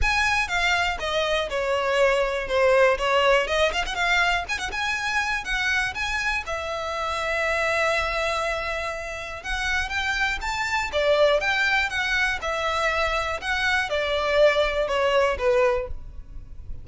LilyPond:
\new Staff \with { instrumentName = "violin" } { \time 4/4 \tempo 4 = 121 gis''4 f''4 dis''4 cis''4~ | cis''4 c''4 cis''4 dis''8 f''16 fis''16 | f''4 gis''16 fis''16 gis''4. fis''4 | gis''4 e''2.~ |
e''2. fis''4 | g''4 a''4 d''4 g''4 | fis''4 e''2 fis''4 | d''2 cis''4 b'4 | }